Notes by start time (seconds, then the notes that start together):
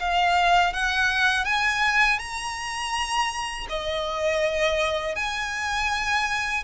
0.00 F5
0.74 F#5
1.45 G#5
2.19 A#5
3.70 D#5
5.16 G#5